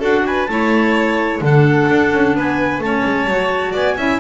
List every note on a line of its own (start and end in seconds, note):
0.00 0.48 D4
0.00 0.47 F#4
0.00 0.23 A4
0.00 0.27 F#5
0.27 0.51 B4
0.27 0.46 G#5
0.46 1.41 A3
0.46 1.43 E4
0.46 1.44 C#5
0.46 1.39 A5
1.41 1.88 D3
1.41 2.83 D4
1.41 2.36 A4
1.41 2.37 F#5
1.90 2.13 D4
2.13 2.35 C#4
2.35 2.80 B3
2.35 2.83 B4
2.35 2.81 G#5
2.80 3.03 A3
2.80 3.29 C#4
2.80 3.72 C#5
2.80 3.74 A5
3.05 3.28 G#3
3.28 3.74 F#3
3.28 3.98 F#4
3.72 3.97 B3
3.72 3.95 D5
3.72 4.20 G#5
3.97 4.20 C#4
3.97 4.20 E4
3.97 4.20 E5